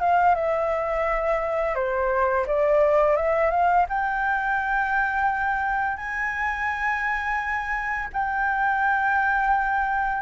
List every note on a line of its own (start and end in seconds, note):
0.00 0.35 F5
0.35 1.76 E5
1.76 2.46 C5
2.47 3.17 D5
3.17 3.51 E5
3.51 3.86 F5
3.90 5.97 G5
5.97 8.09 G#5
8.13 10.23 G5